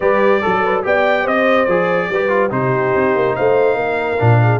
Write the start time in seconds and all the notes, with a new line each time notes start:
0.00 G3 G4 B4 D5
0.41 F#3 A4
0.64 B4
0.83 B3 G4 D5 G5
1.22 C4 C5 D#5
1.65 F3 G#4 D5
2.10 G3 G4 B4
2.28 F4
2.50 C3 D#4 G4 C5
2.94 C4
3.15 A#3
3.35 A3 C5 F5
3.74 A#3 A#4
4.19 A#2 D4
4.42 G#4